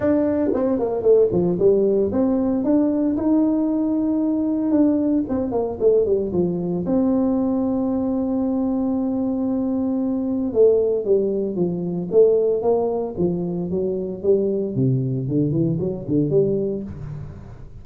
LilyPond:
\new Staff \with { instrumentName = "tuba" } { \time 4/4 \tempo 4 = 114 d'4 c'8 ais8 a8 f8 g4 | c'4 d'4 dis'2~ | dis'4 d'4 c'8 ais8 a8 g8 | f4 c'2.~ |
c'1 | a4 g4 f4 a4 | ais4 f4 fis4 g4 | c4 d8 e8 fis8 d8 g4 | }